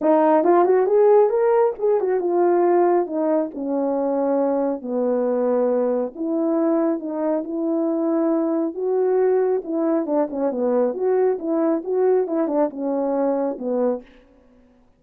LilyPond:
\new Staff \with { instrumentName = "horn" } { \time 4/4 \tempo 4 = 137 dis'4 f'8 fis'8 gis'4 ais'4 | gis'8 fis'8 f'2 dis'4 | cis'2. b4~ | b2 e'2 |
dis'4 e'2. | fis'2 e'4 d'8 cis'8 | b4 fis'4 e'4 fis'4 | e'8 d'8 cis'2 b4 | }